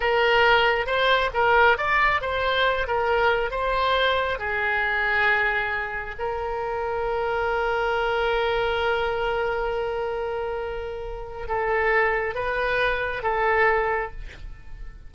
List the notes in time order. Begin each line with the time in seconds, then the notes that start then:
0.00 A#4
0.86 C5
1.33 A#4
1.77 D5
2.21 C5
2.87 A#4
3.51 C5
4.39 G#4
6.18 A#4
11.47 A4
12.34 B4
13.23 A4